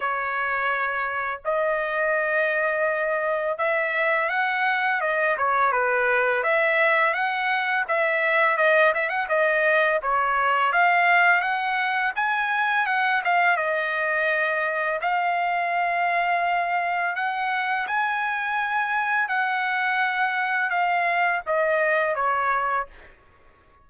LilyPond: \new Staff \with { instrumentName = "trumpet" } { \time 4/4 \tempo 4 = 84 cis''2 dis''2~ | dis''4 e''4 fis''4 dis''8 cis''8 | b'4 e''4 fis''4 e''4 | dis''8 e''16 fis''16 dis''4 cis''4 f''4 |
fis''4 gis''4 fis''8 f''8 dis''4~ | dis''4 f''2. | fis''4 gis''2 fis''4~ | fis''4 f''4 dis''4 cis''4 | }